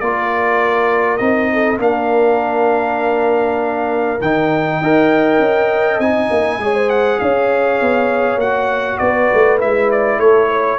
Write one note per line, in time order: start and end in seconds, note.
0.00 1.20 A#3
0.00 1.19 F4
0.00 1.53 A#4
0.00 1.17 D5
1.17 1.79 C4
1.17 1.79 D#4
1.17 1.77 D#5
1.53 1.81 A4
1.79 4.19 A#3
1.79 4.19 D4
1.79 4.79 A#4
1.79 4.21 F5
4.21 4.81 D#3
4.21 4.83 D#4
4.21 6.00 G5
4.79 5.39 D#4
4.79 6.02 A#4
4.79 6.59 D#5
5.39 5.99 C#4
5.99 6.29 C4
5.99 6.61 D#4
5.99 6.90 G#5
6.30 6.58 A#3
6.58 7.18 G#3
6.58 8.41 G#4
6.58 6.74 C#5
6.74 7.19 C5
6.90 7.19 F#5
7.19 7.81 C#4
7.19 9.02 C#5
7.19 8.39 F5
7.81 8.36 B3
8.36 8.96 A#3
8.36 9.60 F#4
8.36 8.98 F#5
8.98 9.30 B3
8.98 10.19 B4
8.98 9.58 D5
9.34 9.63 A3
9.60 10.19 G#3
9.60 10.79 E4
9.60 9.91 E5
9.91 10.19 D5
10.19 10.79 A3
10.19 10.49 A4
10.19 10.79 C#5
10.49 10.79 C#5